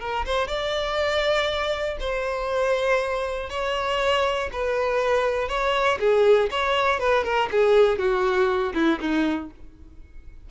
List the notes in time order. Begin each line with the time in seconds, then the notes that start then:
0.00 A#4
0.25 C5
0.48 D5
2.00 C5
3.49 C#5
4.52 B4
5.48 C#5
6.00 G#4
6.51 C#5
7.00 B4
7.24 A#4
7.51 G#4
7.98 F#4
8.74 E4
9.00 D#4